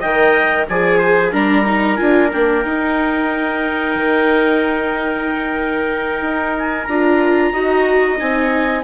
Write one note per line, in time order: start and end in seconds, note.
0.00 0.68 D#3
0.00 0.69 A#4
0.00 0.65 D#5
0.00 0.66 G5
0.68 1.33 F3
0.68 1.32 G#4
0.68 0.98 D5
0.68 1.32 G#5
0.98 1.30 C5
1.32 1.98 G3
1.32 1.65 D4
1.32 7.51 A#4
1.32 1.96 A#5
1.66 1.97 D#4
1.96 2.33 D4
1.96 2.30 F4
1.96 2.29 G#5
2.32 2.64 A#3
2.32 2.64 D4
2.32 6.56 G5
2.64 6.88 D#4
2.64 3.95 D#4
3.95 6.21 D#3
6.21 6.87 D#4
6.58 6.84 G#5
6.84 7.53 D4
6.84 7.53 F4
6.84 8.15 A#5
7.53 8.19 D#4
7.53 8.17 F#4
7.53 8.83 D#5
8.17 8.83 C4
8.17 8.82 D#4
8.17 8.83 G#5